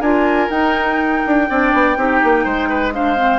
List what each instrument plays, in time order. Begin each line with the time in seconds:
0.00 bassoon D4, clarinet F4, oboe A#4, flute G#5
0.50 bassoon D#4, clarinet D#4, flute G5
1.27 bassoon D4
1.49 bassoon C4, clarinet D4, oboe D5
1.73 bassoon B3
1.97 bassoon C4, clarinet D#4, oboe G4
2.24 bassoon A#3
2.45 bassoon G#3, oboe C5
2.69 oboe B4
2.93 clarinet D4, oboe C5, flute F5
3.16 clarinet C4